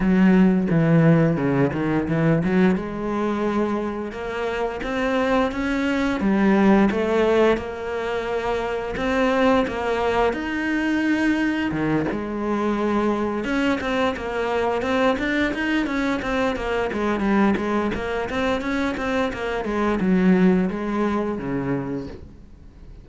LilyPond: \new Staff \with { instrumentName = "cello" } { \time 4/4 \tempo 4 = 87 fis4 e4 cis8 dis8 e8 fis8 | gis2 ais4 c'4 | cis'4 g4 a4 ais4~ | ais4 c'4 ais4 dis'4~ |
dis'4 dis8 gis2 cis'8 | c'8 ais4 c'8 d'8 dis'8 cis'8 c'8 | ais8 gis8 g8 gis8 ais8 c'8 cis'8 c'8 | ais8 gis8 fis4 gis4 cis4 | }